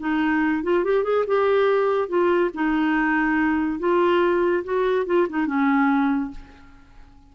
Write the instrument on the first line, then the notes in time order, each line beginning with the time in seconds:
clarinet
0.00 D#4
0.64 F4
0.84 G4
1.04 G#4
1.27 G4
2.09 F4
2.54 D#4
3.80 F4
4.64 F#4
5.06 F4
5.30 D#4
5.47 C#4